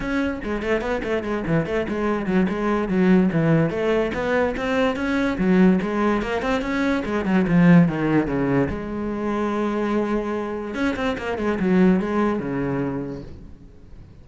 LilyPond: \new Staff \with { instrumentName = "cello" } { \time 4/4 \tempo 4 = 145 cis'4 gis8 a8 b8 a8 gis8 e8 | a8 gis4 fis8 gis4 fis4 | e4 a4 b4 c'4 | cis'4 fis4 gis4 ais8 c'8 |
cis'4 gis8 fis8 f4 dis4 | cis4 gis2.~ | gis2 cis'8 c'8 ais8 gis8 | fis4 gis4 cis2 | }